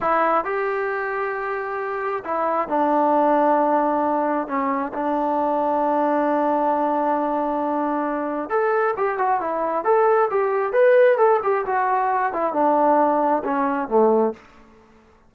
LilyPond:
\new Staff \with { instrumentName = "trombone" } { \time 4/4 \tempo 4 = 134 e'4 g'2.~ | g'4 e'4 d'2~ | d'2 cis'4 d'4~ | d'1~ |
d'2. a'4 | g'8 fis'8 e'4 a'4 g'4 | b'4 a'8 g'8 fis'4. e'8 | d'2 cis'4 a4 | }